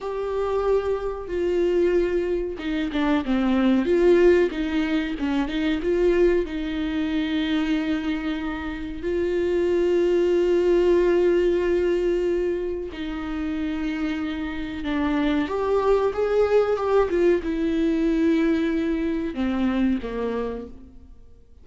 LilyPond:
\new Staff \with { instrumentName = "viola" } { \time 4/4 \tempo 4 = 93 g'2 f'2 | dis'8 d'8 c'4 f'4 dis'4 | cis'8 dis'8 f'4 dis'2~ | dis'2 f'2~ |
f'1 | dis'2. d'4 | g'4 gis'4 g'8 f'8 e'4~ | e'2 c'4 ais4 | }